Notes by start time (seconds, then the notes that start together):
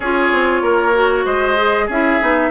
0.00 C#4 F4 G#4 C#5
0.32 C4
0.61 A#3 A#4
0.93 F#4
1.25 G#3 C5 D#5
1.56 G#4
1.86 C#4 E4 G#4 E5
2.20 B3 D#4